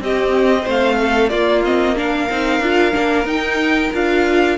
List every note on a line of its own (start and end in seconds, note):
0.00 0.65 C4
0.00 1.31 C4
0.00 0.62 G4
0.00 0.68 D#5
0.62 1.31 A3
0.62 0.95 C5
0.70 1.29 F5
1.01 1.29 A4
1.29 1.63 A#3
1.29 2.29 A#3
1.29 1.95 F4
1.29 1.62 D5
1.65 1.96 C4
1.65 1.97 D#5
1.96 2.28 D4
1.96 4.58 A#4
1.96 3.27 F5
2.29 2.60 C4
2.29 2.63 D#4
2.60 2.92 D4
2.60 2.92 F4
2.92 3.25 A#3
2.92 3.25 D4
3.25 3.90 D#4
3.25 3.91 D#4
3.25 3.92 G5
3.93 4.58 D4
3.93 4.58 F4
3.93 4.58 F5